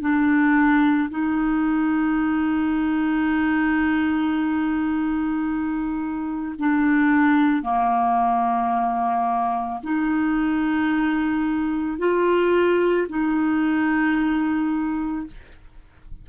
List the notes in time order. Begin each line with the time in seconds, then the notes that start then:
0.00 D4
1.10 D#4
6.59 D4
7.63 A#3
9.83 D#4
11.98 F4
13.09 D#4